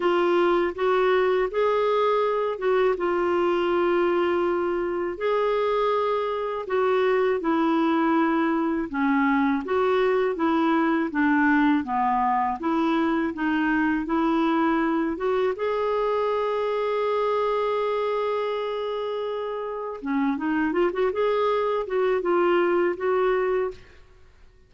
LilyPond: \new Staff \with { instrumentName = "clarinet" } { \time 4/4 \tempo 4 = 81 f'4 fis'4 gis'4. fis'8 | f'2. gis'4~ | gis'4 fis'4 e'2 | cis'4 fis'4 e'4 d'4 |
b4 e'4 dis'4 e'4~ | e'8 fis'8 gis'2.~ | gis'2. cis'8 dis'8 | f'16 fis'16 gis'4 fis'8 f'4 fis'4 | }